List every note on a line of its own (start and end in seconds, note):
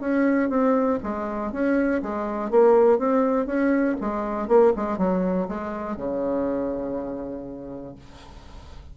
0.00 0.49 C#4
0.49 0.99 C4
1.03 1.52 G#3
1.52 2.02 C#4
2.02 2.50 G#3
2.50 2.98 A#3
2.98 3.46 C4
3.46 3.95 C#4
4.00 4.48 G#3
4.48 4.72 A#3
4.76 4.97 G#3
4.97 5.47 F#3
5.48 5.96 G#3
5.96 7.95 C#3